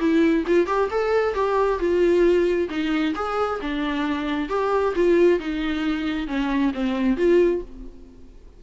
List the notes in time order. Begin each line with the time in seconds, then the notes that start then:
0.00 E4
0.47 F4
0.67 G4
0.91 A4
1.34 G4
1.79 F4
2.70 D#4
3.15 G#4
3.61 D4
4.49 G4
4.96 F4
5.40 D#4
6.27 C#4
6.74 C4
7.17 F4